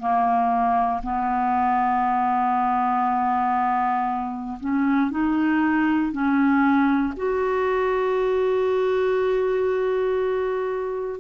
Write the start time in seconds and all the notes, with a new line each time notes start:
0.00 A#3
1.03 B3
4.60 C#4
5.11 D#4
6.12 C#4
7.17 F#4